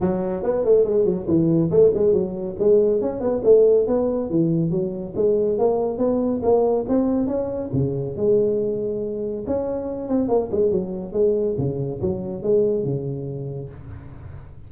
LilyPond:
\new Staff \with { instrumentName = "tuba" } { \time 4/4 \tempo 4 = 140 fis4 b8 a8 gis8 fis8 e4 | a8 gis8 fis4 gis4 cis'8 b8 | a4 b4 e4 fis4 | gis4 ais4 b4 ais4 |
c'4 cis'4 cis4 gis4~ | gis2 cis'4. c'8 | ais8 gis8 fis4 gis4 cis4 | fis4 gis4 cis2 | }